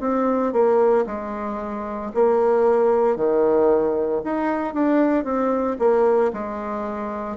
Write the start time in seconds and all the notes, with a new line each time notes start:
0.00 C4
0.52 A#3
1.06 G#3
2.14 A#3
3.16 D#3
4.24 D#4
4.73 D4
5.24 C4
5.78 A#3
6.33 G#3